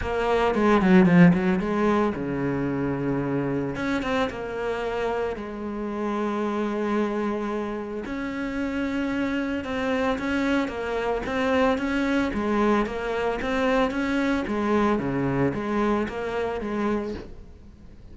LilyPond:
\new Staff \with { instrumentName = "cello" } { \time 4/4 \tempo 4 = 112 ais4 gis8 fis8 f8 fis8 gis4 | cis2. cis'8 c'8 | ais2 gis2~ | gis2. cis'4~ |
cis'2 c'4 cis'4 | ais4 c'4 cis'4 gis4 | ais4 c'4 cis'4 gis4 | cis4 gis4 ais4 gis4 | }